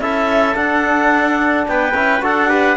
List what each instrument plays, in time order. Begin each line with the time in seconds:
0.00 cello C#4, trombone E4, trumpet A4, clarinet E5
0.54 trombone D4, cello D4, clarinet F#5
1.68 cello B3, trumpet B4, clarinet G5
1.94 cello C#4, trombone E4
2.21 cello D4, trombone F#4, trumpet A4, clarinet F#5
2.48 trombone G4, trumpet B4